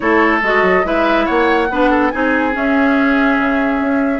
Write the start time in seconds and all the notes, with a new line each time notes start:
0.00 A3 E4 A4 C#5
0.42 G#3 F#4 D#5
0.62 F#3
0.84 G#3 E4 B4 E5
1.25 A#3 C#5 F#5
1.70 B3 D4 B4
1.90 A4
2.09 C4 D#4 G#4 G#5
2.52 C#4 E5
3.38 C#3
3.80 C#4